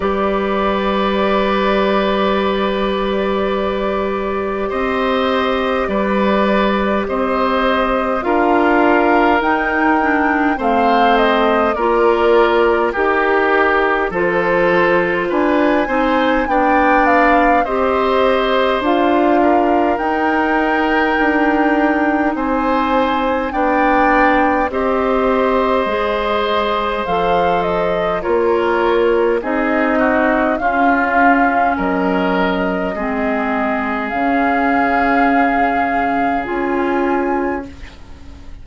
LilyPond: <<
  \new Staff \with { instrumentName = "flute" } { \time 4/4 \tempo 4 = 51 d''1 | dis''4 d''4 dis''4 f''4 | g''4 f''8 dis''8 d''4 ais'4 | c''4 gis''4 g''8 f''8 dis''4 |
f''4 g''2 gis''4 | g''4 dis''2 f''8 dis''8 | cis''4 dis''4 f''4 dis''4~ | dis''4 f''2 gis''4 | }
  \new Staff \with { instrumentName = "oboe" } { \time 4/4 b'1 | c''4 b'4 c''4 ais'4~ | ais'4 c''4 ais'4 g'4 | a'4 b'8 c''8 d''4 c''4~ |
c''8 ais'2~ ais'8 c''4 | d''4 c''2. | ais'4 gis'8 fis'8 f'4 ais'4 | gis'1 | }
  \new Staff \with { instrumentName = "clarinet" } { \time 4/4 g'1~ | g'2. f'4 | dis'8 d'8 c'4 f'4 g'4 | f'4. dis'8 d'4 g'4 |
f'4 dis'2. | d'4 g'4 gis'4 a'4 | f'4 dis'4 cis'2 | c'4 cis'2 f'4 | }
  \new Staff \with { instrumentName = "bassoon" } { \time 4/4 g1 | c'4 g4 c'4 d'4 | dis'4 a4 ais4 dis'4 | f4 d'8 c'8 b4 c'4 |
d'4 dis'4 d'4 c'4 | b4 c'4 gis4 f4 | ais4 c'4 cis'4 fis4 | gis4 cis2 cis'4 | }
>>